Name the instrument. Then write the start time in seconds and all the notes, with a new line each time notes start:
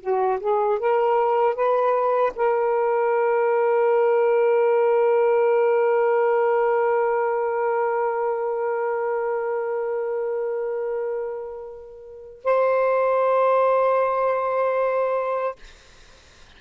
saxophone
0.00 F#4
0.40 G#4
0.79 A#4
1.55 B4
2.35 A#4
12.44 C5